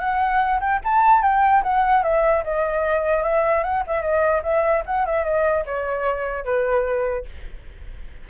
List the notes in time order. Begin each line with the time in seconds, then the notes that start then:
0.00 F#5
0.61 G5
0.85 A5
1.23 G5
1.63 F#5
2.04 E5
2.44 D#5
3.24 E5
3.64 F#5
3.87 E5
4.02 D#5
4.43 E5
4.86 F#5
5.06 E5
5.25 D#5
5.66 C#5
6.45 B4